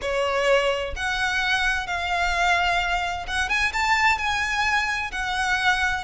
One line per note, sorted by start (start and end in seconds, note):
0.01 0.94 C#5
0.96 1.86 F#5
1.86 3.26 F5
3.27 3.49 F#5
3.49 3.72 G#5
3.72 4.18 A5
4.18 5.11 G#5
5.11 6.04 F#5